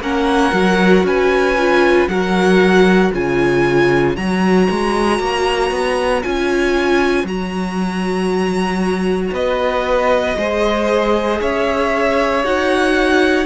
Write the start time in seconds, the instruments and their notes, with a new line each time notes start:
0.00 cello A#3, viola C#4, violin A#4 F#5
0.52 cello F#3, viola F#4
1.03 cello C#4, violin B4 G#5
1.58 viola F4
2.08 cello F#3, viola F#4, violin A#4 F#5
3.13 cello C#3, viola F4, violin C#5 G#5
4.16 cello F#3, viola F#4, violin A#5
4.70 cello G#3
5.19 cello A#3
5.71 cello B3
6.22 cello C#4, viola F4, violin G#5
7.24 cello F#3, viola F#4, violin A#5
9.31 cello B3, violin B4 D#5
10.37 cello G#3, viola G#4, violin C5
11.41 cello C#4, violin C#5 E5
12.44 cello D#4, viola F#4, violin F#5